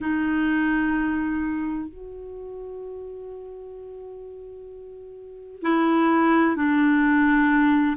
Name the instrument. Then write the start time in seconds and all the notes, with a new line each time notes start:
clarinet
0.00 D#4
1.88 F#4
5.62 E4
6.56 D4